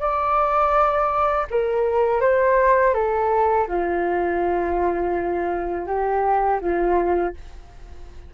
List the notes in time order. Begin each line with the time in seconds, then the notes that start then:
0.00 D5
1.50 A#4
2.21 C5
2.94 A4
3.68 F4
5.87 G4
6.61 F4